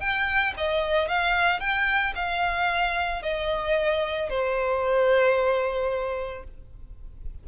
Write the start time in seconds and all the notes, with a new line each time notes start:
0.00 G5
0.57 D#5
1.09 F5
1.60 G5
2.15 F5
3.23 D#5
4.30 C5